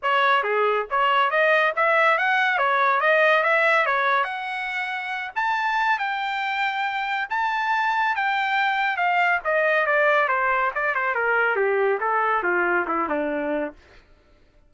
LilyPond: \new Staff \with { instrumentName = "trumpet" } { \time 4/4 \tempo 4 = 140 cis''4 gis'4 cis''4 dis''4 | e''4 fis''4 cis''4 dis''4 | e''4 cis''4 fis''2~ | fis''8 a''4. g''2~ |
g''4 a''2 g''4~ | g''4 f''4 dis''4 d''4 | c''4 d''8 c''8 ais'4 g'4 | a'4 f'4 e'8 d'4. | }